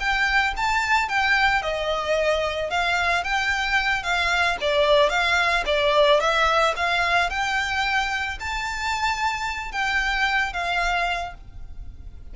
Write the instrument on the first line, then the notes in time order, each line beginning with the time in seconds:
violin
0.00 G5
0.57 A5
1.09 G5
1.62 D#5
2.71 F5
3.24 G5
4.03 F5
4.61 D5
5.10 F5
5.66 D5
6.20 E5
6.76 F5
7.30 G5
8.40 A5
9.72 G5
10.53 F5